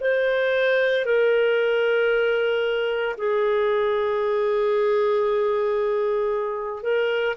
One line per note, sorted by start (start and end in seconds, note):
0.00 1.05 C5
1.05 3.15 A#4
3.17 6.83 G#4
6.83 7.35 A#4